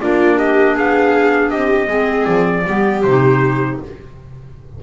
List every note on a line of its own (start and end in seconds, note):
0.00 0.78 A#3
0.00 1.87 D4
0.00 0.37 F4
0.00 0.38 D5
0.37 0.74 G4
0.37 0.76 D#5
0.74 1.52 B3
0.74 1.50 G#4
0.74 1.50 F5
1.50 1.87 C4
1.50 1.88 G4
1.50 2.25 D#5
1.87 2.25 G#3
1.87 2.63 C4
1.87 2.65 G#4
2.25 2.65 F3
2.25 3.01 D5
2.66 3.04 G3
2.66 3.04 B3
2.66 3.80 G4
3.02 3.80 C3
3.02 3.83 D#4
3.02 3.78 C5